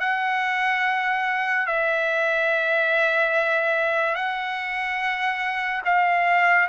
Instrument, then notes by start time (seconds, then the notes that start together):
trumpet
0.00 F#5
1.67 E5
4.15 F#5
5.85 F5